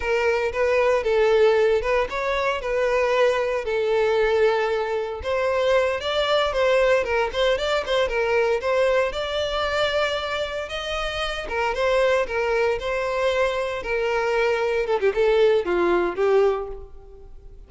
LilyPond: \new Staff \with { instrumentName = "violin" } { \time 4/4 \tempo 4 = 115 ais'4 b'4 a'4. b'8 | cis''4 b'2 a'4~ | a'2 c''4. d''8~ | d''8 c''4 ais'8 c''8 d''8 c''8 ais'8~ |
ais'8 c''4 d''2~ d''8~ | d''8 dis''4. ais'8 c''4 ais'8~ | ais'8 c''2 ais'4.~ | ais'8 a'16 g'16 a'4 f'4 g'4 | }